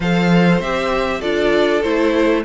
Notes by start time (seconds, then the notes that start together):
0.00 F3 A4 C5 F5
0.60 C4 G4 E5
1.20 D4 F4 A4 D5
1.82 A3 E4 C5